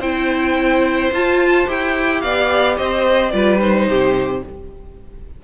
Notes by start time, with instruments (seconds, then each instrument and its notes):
0.00 cello C4, viola E4, violin C5 G5
1.12 cello F4, viola F4, violin A5
1.67 cello E4, viola G4, violin G5
2.21 cello B3, violin D5 F5
2.78 cello C4, violin C5 D#5
3.31 cello G3, viola F4, violin B4 D5
3.60 viola D#4, violin C5
3.88 cello C3, violin G4